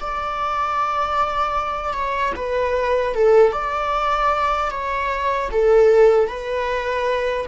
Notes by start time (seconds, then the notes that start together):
0.00 D5
1.93 C#5
2.36 B4
3.15 A4
3.52 D5
4.71 C#5
5.52 A4
6.28 B4